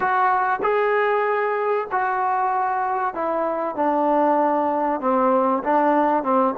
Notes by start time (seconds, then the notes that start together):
0.00 F#4
0.62 G#4
1.91 F#4
3.14 E4
3.75 D4
5.00 C4
5.63 D4
6.23 C4